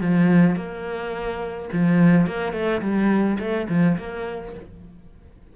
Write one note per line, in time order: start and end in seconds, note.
0.00 0.55 F3
0.55 1.69 A#3
1.72 2.26 F3
2.26 2.52 A#3
2.52 2.80 A3
2.81 3.38 G3
3.39 3.67 A3
3.69 3.97 F3
3.98 4.54 A#3